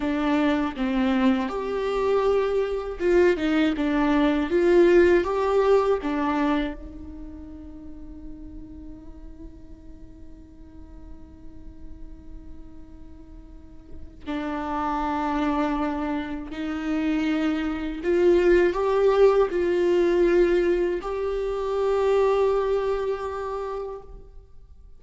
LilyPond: \new Staff \with { instrumentName = "viola" } { \time 4/4 \tempo 4 = 80 d'4 c'4 g'2 | f'8 dis'8 d'4 f'4 g'4 | d'4 dis'2.~ | dis'1~ |
dis'2. d'4~ | d'2 dis'2 | f'4 g'4 f'2 | g'1 | }